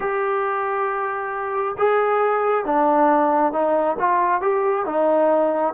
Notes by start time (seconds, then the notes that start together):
0.00 G4
1.78 G#4
2.65 D4
3.52 D#4
3.99 F4
4.41 G4
4.85 D#4